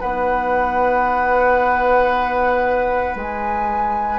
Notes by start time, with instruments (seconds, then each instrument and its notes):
0.00 bassoon B3, clarinet D#4, oboe B4, flute F#5
3.15 bassoon G#3, flute G#5